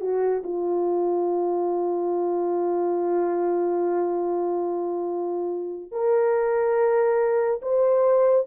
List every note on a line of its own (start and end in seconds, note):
0.00 0.42 F#4
0.43 5.92 F4
5.92 7.61 A#4
7.62 8.46 C5